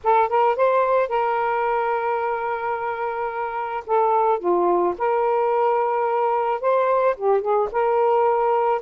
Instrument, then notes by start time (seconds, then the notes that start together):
saxophone
0.03 A4
0.29 A#4
0.56 C5
1.08 A#4
3.86 A4
4.39 F4
4.98 A#4
6.60 C5
7.16 G4
7.41 G#4
7.71 A#4